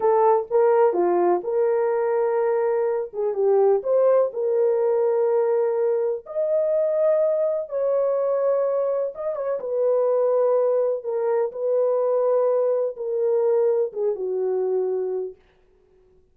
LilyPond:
\new Staff \with { instrumentName = "horn" } { \time 4/4 \tempo 4 = 125 a'4 ais'4 f'4 ais'4~ | ais'2~ ais'8 gis'8 g'4 | c''4 ais'2.~ | ais'4 dis''2. |
cis''2. dis''8 cis''8 | b'2. ais'4 | b'2. ais'4~ | ais'4 gis'8 fis'2~ fis'8 | }